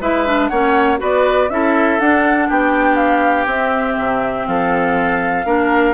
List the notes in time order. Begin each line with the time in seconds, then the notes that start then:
0.00 G#3 E4 B4 E5
0.27 D4
0.48 A#3 C#4 C#5 F#5
0.98 B3 F#4 B4 D5
1.50 C#4 E4 A4 E5
1.99 D4 F#5
2.49 B3 G4 G5
2.96 F5
3.46 C4 E5
3.98 C3
4.47 F3 A4 F5
5.45 A#3 D4 A#4